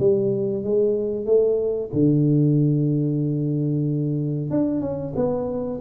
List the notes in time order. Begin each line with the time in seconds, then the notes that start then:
0.00 G3
0.64 G#3
1.26 A3
1.94 D3
4.51 D4
4.81 C#4
5.16 B3